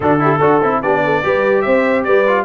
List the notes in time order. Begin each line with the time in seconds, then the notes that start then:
0.00 D3 D4 F#4 A4
0.19 E4 G4
0.37 D4 F#4 A4
0.63 C4 E4
0.82 B3 D4 G4 D5
1.04 A4
1.23 G3 G4 B4
1.61 C4 C5 E5
2.03 G3 B4 D5
2.27 F4